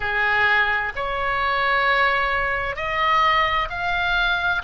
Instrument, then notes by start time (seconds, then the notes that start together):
oboe
0.00 G#4
0.95 C#5
2.76 D#5
3.69 F5